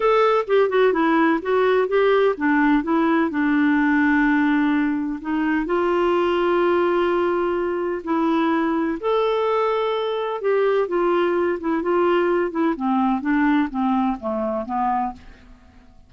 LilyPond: \new Staff \with { instrumentName = "clarinet" } { \time 4/4 \tempo 4 = 127 a'4 g'8 fis'8 e'4 fis'4 | g'4 d'4 e'4 d'4~ | d'2. dis'4 | f'1~ |
f'4 e'2 a'4~ | a'2 g'4 f'4~ | f'8 e'8 f'4. e'8 c'4 | d'4 c'4 a4 b4 | }